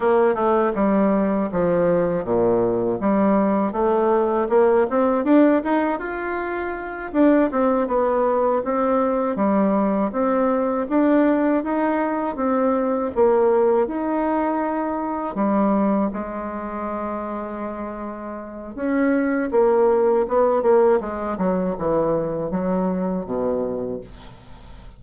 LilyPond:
\new Staff \with { instrumentName = "bassoon" } { \time 4/4 \tempo 4 = 80 ais8 a8 g4 f4 ais,4 | g4 a4 ais8 c'8 d'8 dis'8 | f'4. d'8 c'8 b4 c'8~ | c'8 g4 c'4 d'4 dis'8~ |
dis'8 c'4 ais4 dis'4.~ | dis'8 g4 gis2~ gis8~ | gis4 cis'4 ais4 b8 ais8 | gis8 fis8 e4 fis4 b,4 | }